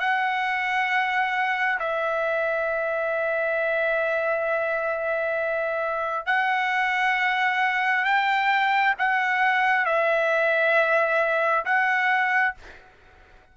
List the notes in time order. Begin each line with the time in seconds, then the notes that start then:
0.00 F#5
1.80 E5
6.26 F#5
8.05 G5
8.99 F#5
9.86 E5
11.65 F#5